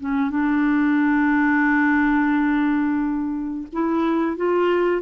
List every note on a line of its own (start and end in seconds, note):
0.00 0.31 C#4
0.31 3.67 D4
3.73 4.37 E4
4.37 5.02 F4